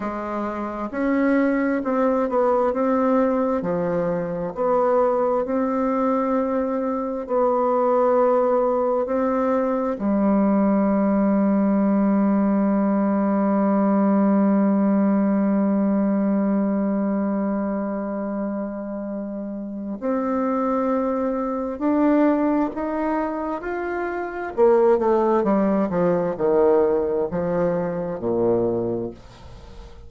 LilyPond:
\new Staff \with { instrumentName = "bassoon" } { \time 4/4 \tempo 4 = 66 gis4 cis'4 c'8 b8 c'4 | f4 b4 c'2 | b2 c'4 g4~ | g1~ |
g1~ | g2 c'2 | d'4 dis'4 f'4 ais8 a8 | g8 f8 dis4 f4 ais,4 | }